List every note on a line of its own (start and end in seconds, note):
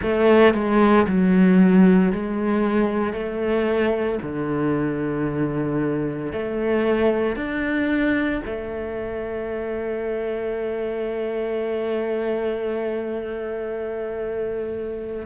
0.02 0.54 A3
0.54 1.06 G#3
1.07 2.12 F#3
2.12 3.13 G#3
3.13 4.18 A3
4.22 6.32 D3
6.32 7.36 A3
7.36 8.41 D4
8.45 15.26 A3